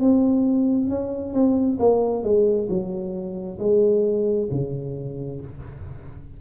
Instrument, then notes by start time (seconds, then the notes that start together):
tuba
0.00 C4
0.90 C#4
1.34 C4
1.79 A#3
2.23 G#3
2.69 F#3
3.59 G#3
4.51 C#3